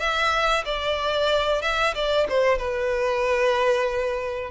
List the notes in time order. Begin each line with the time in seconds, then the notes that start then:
0.00 E5
0.65 D5
1.62 E5
1.95 D5
2.29 C5
2.58 B4